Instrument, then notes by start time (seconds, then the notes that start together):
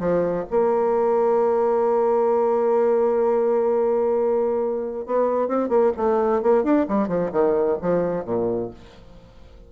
bassoon
0.00 F3
0.51 A#3
5.06 B3
5.48 C4
5.69 A#3
5.97 A3
6.43 A#3
6.64 D4
6.89 G3
7.08 F3
7.33 D#3
7.82 F3
8.25 A#2